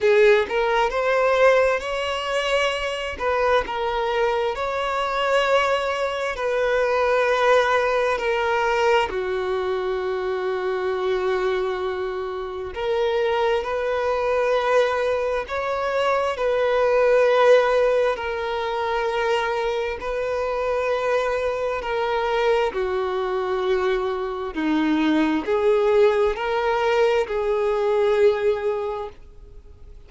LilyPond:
\new Staff \with { instrumentName = "violin" } { \time 4/4 \tempo 4 = 66 gis'8 ais'8 c''4 cis''4. b'8 | ais'4 cis''2 b'4~ | b'4 ais'4 fis'2~ | fis'2 ais'4 b'4~ |
b'4 cis''4 b'2 | ais'2 b'2 | ais'4 fis'2 dis'4 | gis'4 ais'4 gis'2 | }